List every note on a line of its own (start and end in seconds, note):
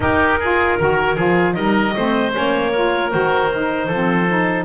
0.00 0.38 D#4
0.00 0.78 D#4
0.00 0.39 G4
0.00 1.53 A#4
0.39 0.79 F4
0.39 0.78 G#4
0.79 1.17 D#3
0.79 1.17 F#4
0.79 1.15 A#4
1.15 1.56 F3
1.15 1.54 F4
1.15 1.54 G#4
1.53 1.95 G3
1.53 1.93 D#4
1.53 1.94 A#4
1.53 2.31 D#5
1.96 2.35 A3
1.96 2.32 C4
1.96 2.71 C5
2.32 3.14 A#3
2.32 2.71 C#4
2.32 3.10 C#5
2.71 3.10 F4
2.71 3.87 A#4
3.10 3.88 D#3
3.10 3.49 F#4
3.10 4.64 C5
3.52 3.91 D#4
3.87 4.64 F3
3.87 4.28 C4
3.87 4.64 A4
4.28 4.64 D#4